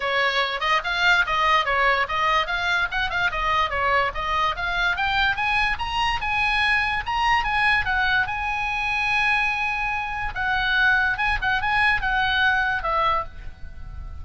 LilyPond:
\new Staff \with { instrumentName = "oboe" } { \time 4/4 \tempo 4 = 145 cis''4. dis''8 f''4 dis''4 | cis''4 dis''4 f''4 fis''8 f''8 | dis''4 cis''4 dis''4 f''4 | g''4 gis''4 ais''4 gis''4~ |
gis''4 ais''4 gis''4 fis''4 | gis''1~ | gis''4 fis''2 gis''8 fis''8 | gis''4 fis''2 e''4 | }